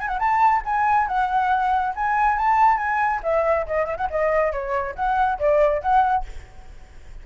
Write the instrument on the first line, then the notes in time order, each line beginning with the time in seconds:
flute
0.00 G#5
0.08 F#5
0.19 A5
0.65 G#5
1.08 F#5
1.96 G#5
2.38 A5
2.78 G#5
3.23 E5
3.67 D#5
3.86 E5
3.97 F#5
4.11 D#5
4.52 C#5
4.96 F#5
5.39 D5
5.82 F#5